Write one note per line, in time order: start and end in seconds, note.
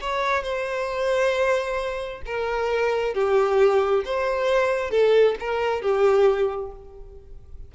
0.00 0.43 C#5
0.43 2.22 C5
2.25 3.14 A#4
3.14 4.03 G4
4.05 4.90 C5
4.90 5.35 A4
5.40 5.81 A#4
5.81 6.71 G4